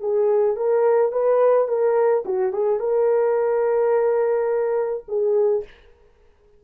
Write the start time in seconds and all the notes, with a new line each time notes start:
0.00 G#4
0.56 A#4
1.12 B4
1.68 A#4
2.25 F#4
2.53 G#4
2.80 A#4
5.08 G#4